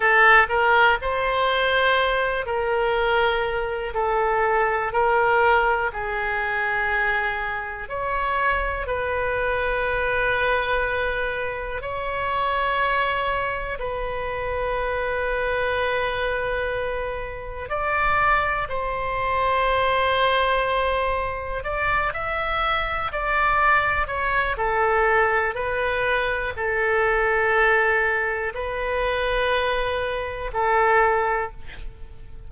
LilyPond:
\new Staff \with { instrumentName = "oboe" } { \time 4/4 \tempo 4 = 61 a'8 ais'8 c''4. ais'4. | a'4 ais'4 gis'2 | cis''4 b'2. | cis''2 b'2~ |
b'2 d''4 c''4~ | c''2 d''8 e''4 d''8~ | d''8 cis''8 a'4 b'4 a'4~ | a'4 b'2 a'4 | }